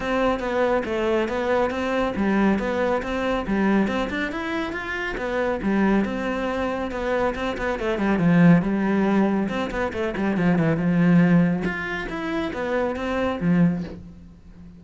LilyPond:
\new Staff \with { instrumentName = "cello" } { \time 4/4 \tempo 4 = 139 c'4 b4 a4 b4 | c'4 g4 b4 c'4 | g4 c'8 d'8 e'4 f'4 | b4 g4 c'2 |
b4 c'8 b8 a8 g8 f4 | g2 c'8 b8 a8 g8 | f8 e8 f2 f'4 | e'4 b4 c'4 f4 | }